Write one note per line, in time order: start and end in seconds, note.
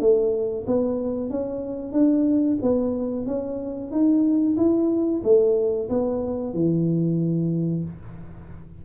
0.00 0.65 A3
0.67 1.30 B3
1.30 1.92 C#4
1.92 2.57 D4
2.62 3.26 B3
3.26 3.91 C#4
3.91 4.56 D#4
4.57 5.22 E4
5.24 5.89 A3
5.89 6.54 B3
6.54 7.84 E3